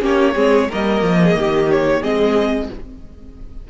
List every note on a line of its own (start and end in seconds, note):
0.00 0.35 A#3
0.00 0.33 C#4
0.00 0.35 G4
0.00 0.72 C#5
0.35 0.69 G#3
0.35 0.69 C4
0.35 0.68 G#4
0.70 1.02 G3
0.70 2.02 A#3
0.70 1.20 A#4
0.70 1.71 D#5
1.02 1.35 F3
1.24 1.39 G#4
1.35 2.02 D#3
1.35 2.01 G4
1.71 2.03 C#5
2.01 2.69 G#3
2.01 2.69 C4
2.01 2.68 G#4
2.01 2.70 D#5